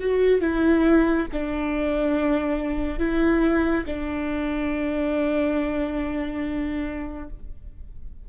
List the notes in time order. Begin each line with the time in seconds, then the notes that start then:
0.00 F#4
0.41 E4
1.32 D4
2.99 E4
3.86 D4